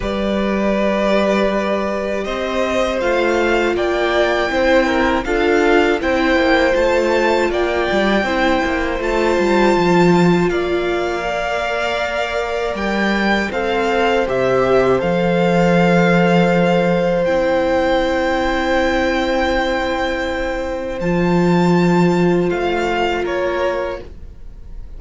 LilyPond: <<
  \new Staff \with { instrumentName = "violin" } { \time 4/4 \tempo 4 = 80 d''2. dis''4 | f''4 g''2 f''4 | g''4 a''4 g''2 | a''2 f''2~ |
f''4 g''4 f''4 e''4 | f''2. g''4~ | g''1 | a''2 f''4 cis''4 | }
  \new Staff \with { instrumentName = "violin" } { \time 4/4 b'2. c''4~ | c''4 d''4 c''8 ais'8 a'4 | c''2 d''4 c''4~ | c''2 d''2~ |
d''2 c''2~ | c''1~ | c''1~ | c''2. ais'4 | }
  \new Staff \with { instrumentName = "viola" } { \time 4/4 g'1 | f'2 e'4 f'4 | e'4 f'2 e'4 | f'2. ais'4~ |
ais'2 a'4 g'4 | a'2. e'4~ | e'1 | f'1 | }
  \new Staff \with { instrumentName = "cello" } { \time 4/4 g2. c'4 | a4 ais4 c'4 d'4 | c'8 ais8 a4 ais8 g8 c'8 ais8 | a8 g8 f4 ais2~ |
ais4 g4 c'4 c4 | f2. c'4~ | c'1 | f2 a4 ais4 | }
>>